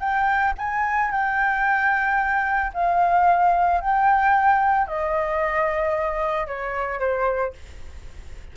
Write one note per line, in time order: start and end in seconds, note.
0.00 0.54 G5
0.58 1.12 G#5
1.12 2.72 G5
2.74 3.81 F5
3.81 4.87 G5
4.87 6.47 D#5
6.47 7.00 C#5
7.00 7.54 C5